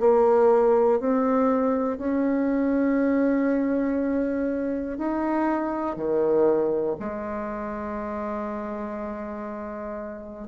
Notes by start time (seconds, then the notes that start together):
0.00 A#3
1.00 C4
1.98 C#4
4.98 D#4
5.96 D#3
7.00 G#3